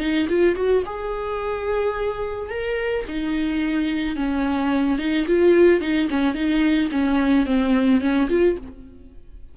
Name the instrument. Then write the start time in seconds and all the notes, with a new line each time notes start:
viola
0.00 D#4
0.29 F4
0.56 F#4
0.86 G#4
2.50 A#4
3.08 D#4
4.16 C#4
4.99 D#4
5.27 F4
5.81 D#4
6.10 C#4
6.34 D#4
6.91 C#4
7.46 C4
8.01 C#4
8.29 F4